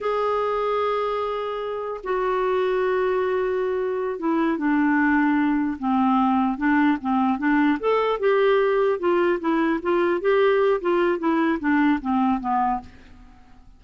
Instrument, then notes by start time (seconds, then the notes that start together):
clarinet
0.00 G#4
2.03 F#4
4.19 E4
4.57 D4
5.79 C4
6.57 D4
7.01 C4
7.38 D4
7.79 A4
8.19 G4
8.99 F4
9.40 E4
9.82 F4
10.21 G4
10.81 F4
11.18 E4
11.59 D4
12.01 C4
12.40 B3